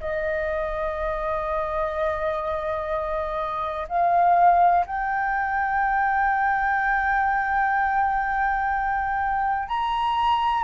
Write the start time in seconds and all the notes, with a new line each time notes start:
0.00 D#5
3.88 F5
4.86 G5
9.68 A#5